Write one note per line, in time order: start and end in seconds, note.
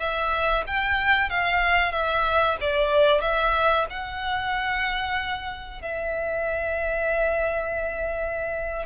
0.00 0.65 E5
0.67 1.30 G5
1.30 1.93 F5
1.93 2.57 E5
2.61 3.22 D5
3.22 3.86 E5
3.90 5.82 F#5
5.82 8.86 E5